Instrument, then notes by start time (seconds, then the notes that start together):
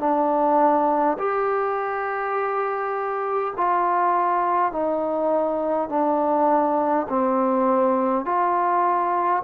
trombone
0.00 D4
1.19 G4
3.57 F4
4.72 D#4
5.89 D4
7.09 C4
8.26 F4